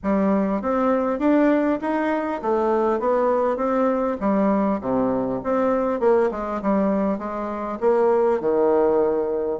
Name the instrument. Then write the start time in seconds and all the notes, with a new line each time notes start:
bassoon
0.03 G3
0.61 C4
1.19 D4
1.81 D#4
2.42 A3
2.99 B3
3.56 C4
4.20 G3
4.80 C3
5.43 C4
5.99 A#3
6.31 G#3
6.62 G3
7.18 G#3
7.80 A#3
8.40 D#3